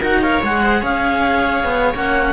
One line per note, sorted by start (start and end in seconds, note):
0.00 0.41 D#4
0.00 0.23 F#4
0.00 0.20 A#4
0.00 0.22 F#5
0.22 0.43 A#4
0.22 0.62 C#5
0.22 0.42 F5
0.43 0.83 G#3
0.43 1.95 G#4
0.43 0.83 F#5
0.63 0.80 C5
0.80 1.64 C#4
0.80 2.32 C#5
0.80 1.95 F5
1.64 1.94 B3
1.95 2.33 A#3
1.95 2.33 C#4
1.95 2.33 F#5